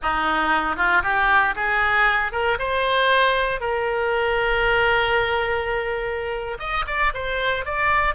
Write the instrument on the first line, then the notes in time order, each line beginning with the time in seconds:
oboe
0.02 D#4
0.76 F4
1.03 G4
1.55 G#4
2.32 A#4
2.58 C5
3.60 A#4
6.59 D#5
6.87 D5
7.14 C5
7.65 D5